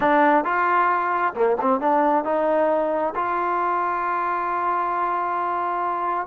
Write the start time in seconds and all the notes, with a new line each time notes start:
0.00 D4
0.44 F4
1.34 A#3
1.61 C4
1.80 D4
2.24 D#4
3.15 F4